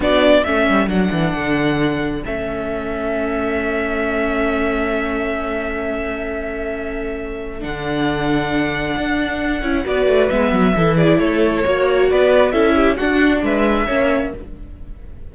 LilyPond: <<
  \new Staff \with { instrumentName = "violin" } { \time 4/4 \tempo 4 = 134 d''4 e''4 fis''2~ | fis''4 e''2.~ | e''1~ | e''1~ |
e''4 fis''2.~ | fis''2 d''4 e''4~ | e''8 d''8 cis''2 d''4 | e''4 fis''4 e''2 | }
  \new Staff \with { instrumentName = "violin" } { \time 4/4 fis'4 a'2.~ | a'1~ | a'1~ | a'1~ |
a'1~ | a'2 b'2 | a'8 gis'8 a'4 cis''4 b'4 | a'8 g'8 fis'4 b'4 cis''4 | }
  \new Staff \with { instrumentName = "viola" } { \time 4/4 d'4 cis'4 d'2~ | d'4 cis'2.~ | cis'1~ | cis'1~ |
cis'4 d'2.~ | d'4. e'8 fis'4 b4 | e'2 fis'2 | e'4 d'2 cis'4 | }
  \new Staff \with { instrumentName = "cello" } { \time 4/4 b4 a8 g8 fis8 e8 d4~ | d4 a2.~ | a1~ | a1~ |
a4 d2. | d'4. cis'8 b8 a8 gis8 fis8 | e4 a4 ais4 b4 | cis'4 d'4 gis4 ais4 | }
>>